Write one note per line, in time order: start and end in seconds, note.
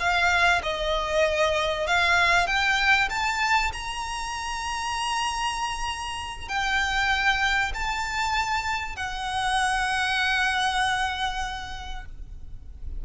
0.00 0.62 F5
0.64 1.87 D#5
1.87 2.47 F5
2.47 3.09 G5
3.10 3.72 A5
3.73 6.49 A#5
6.49 7.73 G5
7.74 8.96 A5
8.96 12.06 F#5